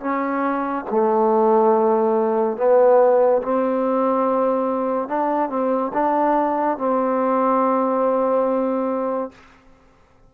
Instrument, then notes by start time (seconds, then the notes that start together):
trombone
0.00 C#4
0.91 A3
2.57 B3
3.42 C4
5.08 D4
5.49 C4
5.93 D4
6.78 C4